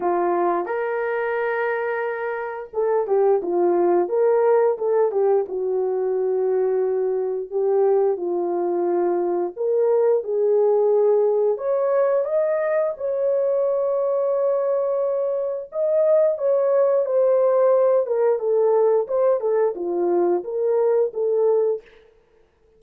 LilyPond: \new Staff \with { instrumentName = "horn" } { \time 4/4 \tempo 4 = 88 f'4 ais'2. | a'8 g'8 f'4 ais'4 a'8 g'8 | fis'2. g'4 | f'2 ais'4 gis'4~ |
gis'4 cis''4 dis''4 cis''4~ | cis''2. dis''4 | cis''4 c''4. ais'8 a'4 | c''8 a'8 f'4 ais'4 a'4 | }